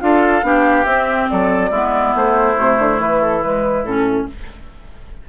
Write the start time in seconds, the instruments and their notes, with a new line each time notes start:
0.00 bassoon D4, clarinet F4, oboe A4, flute F5
0.42 bassoon B3, clarinet D4, oboe G4
0.85 bassoon C4, clarinet C4, flute E5
1.30 bassoon F#3, oboe A4, flute D5
1.70 bassoon G#3, clarinet B3, oboe E4
2.15 bassoon A3, flute C5
2.55 bassoon C3, clarinet A3
2.79 bassoon D3
2.99 bassoon E3, flute B4
3.21 flute A4
3.43 clarinet G#3, flute B4
3.83 bassoon A2, clarinet C#4, flute A4